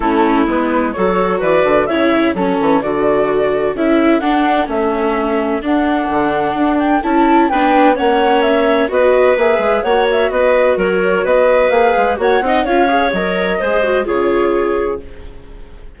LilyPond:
<<
  \new Staff \with { instrumentName = "flute" } { \time 4/4 \tempo 4 = 128 a'4 b'4 cis''4 d''4 | e''4 a'4 d''2 | e''4 fis''4 e''2 | fis''2~ fis''8 g''8 a''4 |
g''4 fis''4 e''4 dis''4 | e''4 fis''8 e''8 dis''4 cis''4 | dis''4 f''4 fis''4 f''4 | dis''2 cis''2 | }
  \new Staff \with { instrumentName = "clarinet" } { \time 4/4 e'2 a'4 b'4 | cis''4 a'2.~ | a'1~ | a'1 |
b'4 cis''2 b'4~ | b'4 cis''4 b'4 ais'4 | b'2 cis''8 dis''8 cis''4~ | cis''4 c''4 gis'2 | }
  \new Staff \with { instrumentName = "viola" } { \time 4/4 cis'4 b4 fis'2 | e'4 cis'4 fis'2 | e'4 d'4 cis'2 | d'2. e'4 |
d'4 cis'2 fis'4 | gis'4 fis'2.~ | fis'4 gis'4 fis'8 dis'8 f'8 gis'8 | ais'4 gis'8 fis'8 f'2 | }
  \new Staff \with { instrumentName = "bassoon" } { \time 4/4 a4 gis4 fis4 e8 d8 | cis4 fis8 e8 d2 | cis'4 d'4 a2 | d'4 d4 d'4 cis'4 |
b4 ais2 b4 | ais8 gis8 ais4 b4 fis4 | b4 ais8 gis8 ais8 c'8 cis'4 | fis4 gis4 cis2 | }
>>